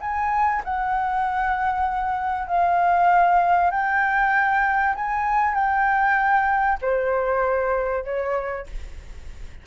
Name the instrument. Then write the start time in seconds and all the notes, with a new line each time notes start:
flute
0.00 G#5
0.64 F#5
2.47 F5
3.71 G5
4.95 G#5
5.54 G5
6.81 C5
8.04 C#5